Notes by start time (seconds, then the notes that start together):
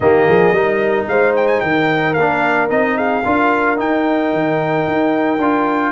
0.00 D#3 A#3 G4 D#5
0.26 F3 G#4
0.52 G3 D#4 A#4
1.07 G#3 C5 F5
1.35 G5
1.47 G#5
1.60 D#3 A#4 G5
2.13 A#3 F5
2.20 D4
2.69 C4 D#4 D#5
2.97 G#4 F5
3.24 D4 F4 A#4
3.77 D#4 G5
4.32 D#3
4.87 D#4
5.38 D4 F4